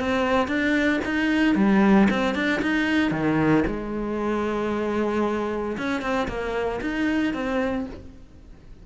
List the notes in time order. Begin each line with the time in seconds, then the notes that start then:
0.00 C4
0.48 D4
1.05 D#4
1.56 G3
2.11 C4
2.35 D4
2.63 D#4
3.12 D#3
3.67 G#3
5.78 C#4
6.02 C4
6.28 A#3
6.82 D#4
7.34 C4